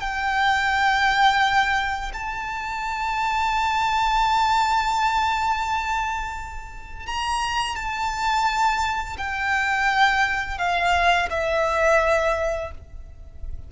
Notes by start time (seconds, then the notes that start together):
0.00 G5
2.13 A5
7.07 A#5
7.76 A5
9.18 G5
10.58 F5
11.30 E5